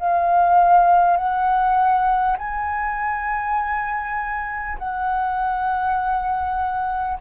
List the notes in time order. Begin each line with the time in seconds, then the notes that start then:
0.00 F5
1.17 F#5
2.39 G#5
4.79 F#5